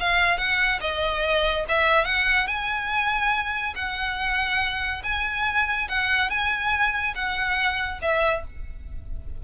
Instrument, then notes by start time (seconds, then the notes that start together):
violin
0.00 F5
0.38 F#5
0.81 D#5
1.69 E5
2.06 F#5
2.48 G#5
3.76 F#5
5.04 G#5
5.89 F#5
6.30 G#5
7.15 F#5
8.02 E5